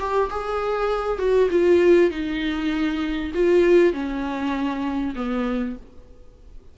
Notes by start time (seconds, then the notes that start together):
0.00 G4
0.31 G#4
1.19 F#4
1.51 F4
2.11 D#4
3.34 F4
3.93 C#4
5.16 B3